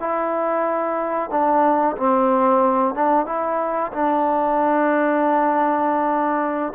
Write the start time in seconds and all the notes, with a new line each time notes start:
0.00 E4
1.31 D4
1.97 C4
2.95 D4
3.26 E4
3.93 D4